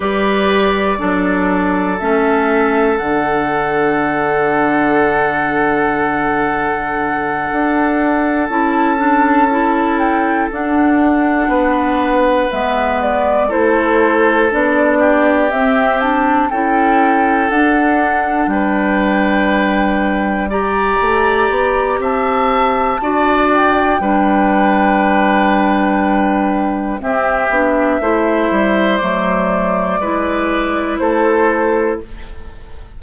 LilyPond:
<<
  \new Staff \with { instrumentName = "flute" } { \time 4/4 \tempo 4 = 60 d''2 e''4 fis''4~ | fis''1~ | fis''8 a''4. g''8 fis''4.~ | fis''8 e''8 d''8 c''4 d''4 e''8 |
a''8 g''4 fis''4 g''4.~ | g''8 ais''4. a''4. g''8~ | g''2. e''4~ | e''4 d''2 c''4 | }
  \new Staff \with { instrumentName = "oboe" } { \time 4/4 b'4 a'2.~ | a'1~ | a'2.~ a'8 b'8~ | b'4. a'4. g'4~ |
g'8 a'2 b'4.~ | b'8 d''4. e''4 d''4 | b'2. g'4 | c''2 b'4 a'4 | }
  \new Staff \with { instrumentName = "clarinet" } { \time 4/4 g'4 d'4 cis'4 d'4~ | d'1~ | d'8 e'8 d'8 e'4 d'4.~ | d'8 b4 e'4 d'4 c'8 |
d'8 e'4 d'2~ d'8~ | d'8 g'2~ g'8 fis'4 | d'2. c'8 d'8 | e'4 a4 e'2 | }
  \new Staff \with { instrumentName = "bassoon" } { \time 4/4 g4 fis4 a4 d4~ | d2.~ d8 d'8~ | d'8 cis'2 d'4 b8~ | b8 gis4 a4 b4 c'8~ |
c'8 cis'4 d'4 g4.~ | g4 a8 b8 c'4 d'4 | g2. c'8 b8 | a8 g8 fis4 gis4 a4 | }
>>